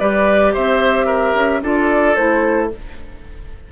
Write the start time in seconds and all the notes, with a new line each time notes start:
0.00 G3 G4 B4 D5
0.53 C4 C5 E5
1.06 A#4
1.34 C#4
1.62 D4 F4 A4 D5
2.16 A3 E4 C5